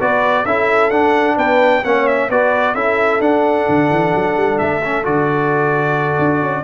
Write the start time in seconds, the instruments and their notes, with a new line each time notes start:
0.00 tuba B3, trombone F#4, horn B4, trumpet D5
0.45 tuba C#4, trombone E4, horn A4, trumpet E5
0.90 tuba D4, trombone D4, trumpet F#5
1.36 tuba B3, horn B4, trumpet G5
1.84 tuba A#3, trombone C#4, horn C#5, trumpet F#5
2.07 trumpet E5
2.29 tuba B3, trombone F#4, horn B4, trumpet D5
2.74 tuba C#4, trombone E4, horn A4, trumpet E5
3.20 tuba D4, trombone D4, trumpet F#5
3.69 tuba D3
3.90 tuba E3
4.15 tuba F#3
4.36 tuba G3
4.58 tuba A3, trumpet E5
4.84 trombone C#4
5.04 tuba D3, trombone F#4, trumpet D5
6.19 tuba D4
6.42 tuba C#4